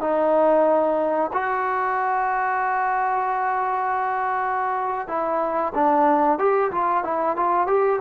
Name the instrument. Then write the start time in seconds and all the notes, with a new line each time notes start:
trombone
0.00 D#4
1.33 F#4
5.08 E4
5.74 D4
6.38 G4
6.71 F4
7.03 E4
7.36 F4
7.67 G4